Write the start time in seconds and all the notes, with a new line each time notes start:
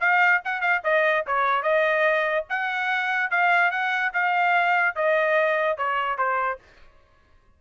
0.00 F5
0.44 F#5
0.61 F5
0.84 D#5
1.26 C#5
1.62 D#5
2.49 F#5
3.30 F5
3.71 F#5
4.13 F5
4.95 D#5
5.77 C#5
6.18 C5